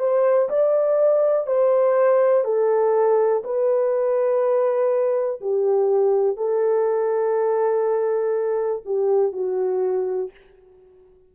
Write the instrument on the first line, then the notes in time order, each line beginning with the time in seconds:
horn
0.00 C5
0.50 D5
1.47 C5
2.45 A4
3.44 B4
5.41 G4
6.37 A4
8.86 G4
9.33 F#4